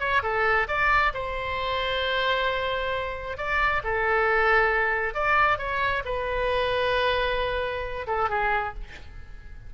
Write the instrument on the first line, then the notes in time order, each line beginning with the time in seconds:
oboe
0.00 C#5
0.23 A4
0.68 D5
1.14 C5
3.38 D5
3.84 A4
5.14 D5
5.58 C#5
6.05 B4
8.07 A4
8.30 G#4